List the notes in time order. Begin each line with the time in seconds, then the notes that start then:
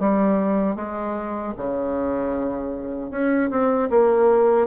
0.00 G3
0.76 G#3
1.57 C#3
3.11 C#4
3.51 C4
3.90 A#3